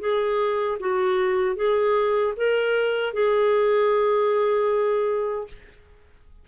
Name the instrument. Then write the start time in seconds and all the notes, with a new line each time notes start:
clarinet
0.00 G#4
0.80 F#4
1.56 G#4
2.37 A#4
3.13 G#4